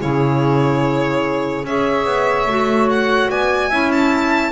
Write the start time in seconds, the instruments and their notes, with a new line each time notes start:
0.00 double bass C#3, clarinet E4, saxophone G#4, violin C#5
1.64 double bass C#4, clarinet G#4, saxophone C#5, violin E5
2.05 double bass B3
2.46 double bass A3, clarinet F#4
2.90 violin F#5
3.29 double bass B3, saxophone D5, violin G#5
3.69 double bass C#4, clarinet E4, saxophone E5
3.91 violin A5